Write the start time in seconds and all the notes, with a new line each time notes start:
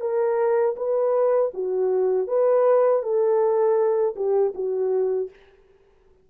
0.00 A#4
0.76 B4
1.53 F#4
2.27 B4
3.02 A4
4.15 G4
4.54 F#4